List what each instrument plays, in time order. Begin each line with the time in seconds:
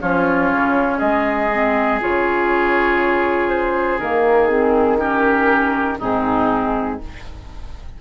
0.00 bassoon F3, clarinet C#4, oboe F4, flute C#5
0.50 bassoon C#3
0.97 bassoon G#3, oboe G#4, flute D#5
1.52 clarinet C4
2.00 bassoon C#3, clarinet F4, flute C#5
3.48 flute C5
3.98 bassoon D#3, clarinet A#3, flute A#4
4.47 clarinet C4, flute G#4
4.99 clarinet C#4, oboe G4, flute A#4
5.98 bassoon G#2, clarinet C4, oboe D#4, flute G#4